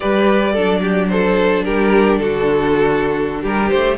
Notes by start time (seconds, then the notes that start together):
0.00 G3 G4 B4 D5
0.53 F#3 D4 A4
0.81 G4
1.08 A4 C5
1.64 G3 G4 A#4
2.18 D3 F#4 A4
3.41 G3 G4 A#4
3.69 A3 C5